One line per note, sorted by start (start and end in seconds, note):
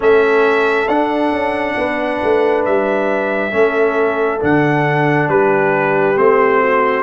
0.00 0.87 A3
0.00 0.87 C#4
0.00 1.75 A4
0.00 0.87 E5
0.87 1.31 D4
0.87 3.51 D4
0.87 2.64 F#5
1.31 1.76 C#4
1.77 2.22 B3
1.77 3.54 B4
2.23 2.67 A3
2.65 3.53 G3
2.65 4.41 E5
3.51 4.41 A3
3.51 4.39 C#4
3.51 5.30 A4
4.40 5.28 D3
4.40 6.16 D4
4.40 5.29 F#5
5.28 6.16 G3
5.28 6.62 G4
5.28 6.17 B4
6.16 7.02 A3
6.16 7.02 C4
6.16 7.02 C5
6.62 7.02 F#4